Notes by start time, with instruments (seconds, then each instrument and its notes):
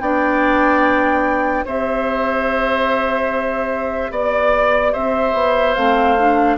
0.00 bassoon B3, clarinet D4, oboe D5, flute G5
1.65 bassoon C4, clarinet G4, oboe C5, flute E5
4.11 bassoon B3, oboe D5, flute D5
4.92 bassoon C4, oboe C5, flute E5
5.33 bassoon B3
5.74 bassoon A3, clarinet C4, flute F5
6.18 clarinet D4